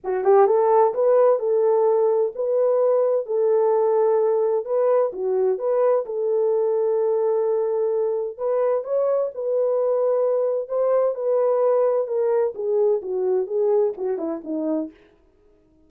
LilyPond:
\new Staff \with { instrumentName = "horn" } { \time 4/4 \tempo 4 = 129 fis'8 g'8 a'4 b'4 a'4~ | a'4 b'2 a'4~ | a'2 b'4 fis'4 | b'4 a'2.~ |
a'2 b'4 cis''4 | b'2. c''4 | b'2 ais'4 gis'4 | fis'4 gis'4 fis'8 e'8 dis'4 | }